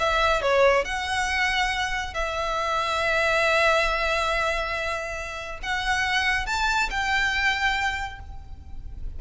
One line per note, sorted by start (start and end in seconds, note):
0.00 0.42 E5
0.42 0.85 C#5
0.85 2.14 F#5
2.14 5.59 E5
5.63 6.46 F#5
6.46 6.90 A5
6.91 8.20 G5